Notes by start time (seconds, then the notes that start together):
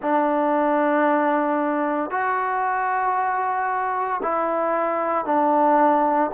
0.01 D4
2.10 F#4
4.22 E4
5.25 D4